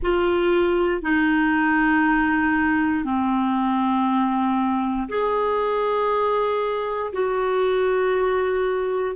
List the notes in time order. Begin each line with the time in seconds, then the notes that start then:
0.02 F4
1.02 D#4
3.04 C4
5.08 G#4
7.12 F#4